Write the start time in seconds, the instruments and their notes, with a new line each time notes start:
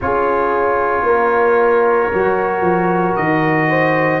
0.01 tuba C#4, trombone F4, horn G#4, trumpet C#5
1.02 tuba A#3, horn A#4
2.12 tuba F#3, trombone F#4
2.60 tuba F3
3.16 tuba D#3, trumpet D#5
3.69 horn C5